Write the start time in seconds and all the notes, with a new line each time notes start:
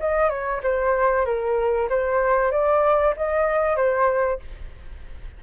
0.00 D#5
0.30 C#5
0.63 C5
1.25 A#4
1.89 C5
2.51 D5
3.17 D#5
3.76 C5